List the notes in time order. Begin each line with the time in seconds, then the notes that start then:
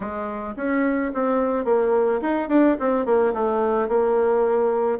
0.00 G#3
0.56 C#4
1.14 C4
1.65 A#3
2.21 D#4
2.48 D4
2.79 C4
3.05 A#3
3.33 A3
3.88 A#3